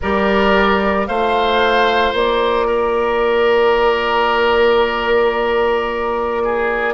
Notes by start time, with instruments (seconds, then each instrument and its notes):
0.01 bassoon G3, clarinet G4, oboe A#4, flute D5
1.06 bassoon A3, clarinet F4, oboe C5, flute F5
2.13 bassoon A#3, flute D5
2.67 oboe A#4
6.44 oboe G#4